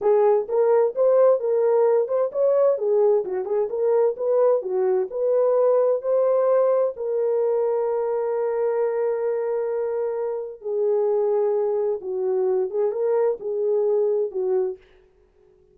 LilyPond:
\new Staff \with { instrumentName = "horn" } { \time 4/4 \tempo 4 = 130 gis'4 ais'4 c''4 ais'4~ | ais'8 c''8 cis''4 gis'4 fis'8 gis'8 | ais'4 b'4 fis'4 b'4~ | b'4 c''2 ais'4~ |
ais'1~ | ais'2. gis'4~ | gis'2 fis'4. gis'8 | ais'4 gis'2 fis'4 | }